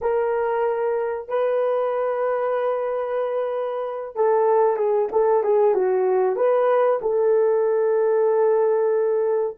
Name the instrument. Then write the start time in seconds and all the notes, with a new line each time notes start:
horn
0.01 A#4
1.28 B4
4.15 A4
4.76 G#4
5.12 A4
5.43 G#4
5.74 F#4
6.35 B4
7.01 A4